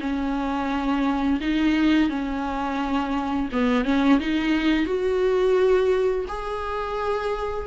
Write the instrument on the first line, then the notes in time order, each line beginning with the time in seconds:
viola
0.00 C#4
1.40 D#4
2.09 C#4
3.52 B3
3.84 C#4
4.20 D#4
4.86 F#4
6.28 G#4